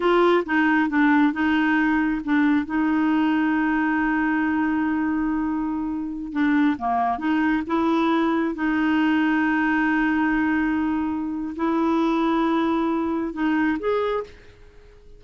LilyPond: \new Staff \with { instrumentName = "clarinet" } { \time 4/4 \tempo 4 = 135 f'4 dis'4 d'4 dis'4~ | dis'4 d'4 dis'2~ | dis'1~ | dis'2~ dis'16 d'4 ais8.~ |
ais16 dis'4 e'2 dis'8.~ | dis'1~ | dis'2 e'2~ | e'2 dis'4 gis'4 | }